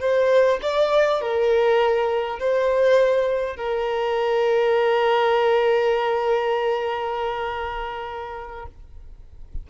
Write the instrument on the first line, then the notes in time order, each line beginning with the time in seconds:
violin
0.00 C5
0.62 D5
1.21 A#4
2.39 C5
3.57 A#4